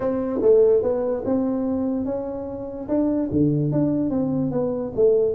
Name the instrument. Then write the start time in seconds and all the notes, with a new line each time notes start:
tuba
0.00 C4
0.41 A3
0.82 B3
1.25 C4
2.05 C#4
2.88 D4
3.31 D3
3.72 D4
4.10 C4
4.51 B3
4.95 A3